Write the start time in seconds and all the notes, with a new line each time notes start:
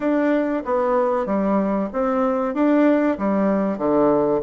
0.00 D4
0.65 B3
1.26 G3
1.92 C4
2.54 D4
3.18 G3
3.78 D3